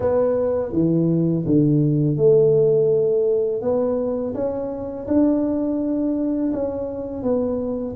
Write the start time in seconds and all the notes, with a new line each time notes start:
0.00 B3
0.72 E3
1.46 D3
2.17 A3
3.61 B3
4.34 C#4
5.07 D4
6.53 C#4
7.22 B3